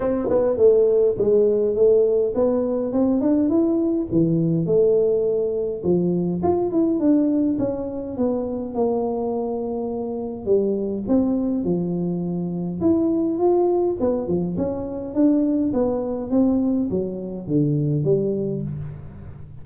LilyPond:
\new Staff \with { instrumentName = "tuba" } { \time 4/4 \tempo 4 = 103 c'8 b8 a4 gis4 a4 | b4 c'8 d'8 e'4 e4 | a2 f4 f'8 e'8 | d'4 cis'4 b4 ais4~ |
ais2 g4 c'4 | f2 e'4 f'4 | b8 f8 cis'4 d'4 b4 | c'4 fis4 d4 g4 | }